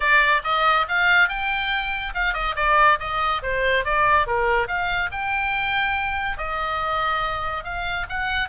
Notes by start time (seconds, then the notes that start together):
0.00 D5
0.44 D#5
0.88 F5
1.28 G5
2.14 F5
2.33 D#5
2.56 D5
2.99 D#5
3.42 C5
3.84 D5
4.27 A#4
4.67 F5
5.11 G5
6.37 D#5
7.63 F5
8.09 F#5